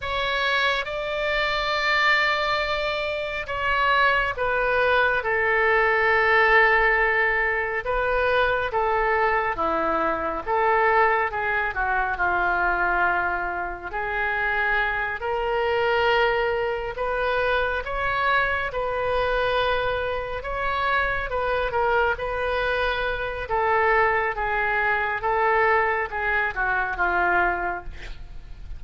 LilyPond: \new Staff \with { instrumentName = "oboe" } { \time 4/4 \tempo 4 = 69 cis''4 d''2. | cis''4 b'4 a'2~ | a'4 b'4 a'4 e'4 | a'4 gis'8 fis'8 f'2 |
gis'4. ais'2 b'8~ | b'8 cis''4 b'2 cis''8~ | cis''8 b'8 ais'8 b'4. a'4 | gis'4 a'4 gis'8 fis'8 f'4 | }